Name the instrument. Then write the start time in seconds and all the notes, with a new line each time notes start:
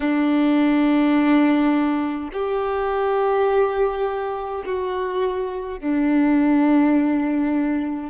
violin
0.00 D4
2.32 G4
4.65 F#4
5.80 D4